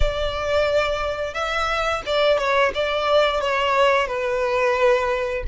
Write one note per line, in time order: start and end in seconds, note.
0.00 1.34 D5
1.34 2.02 E5
2.06 2.37 D5
2.37 2.71 C#5
2.74 3.40 D5
3.40 4.07 C#5
4.07 5.43 B4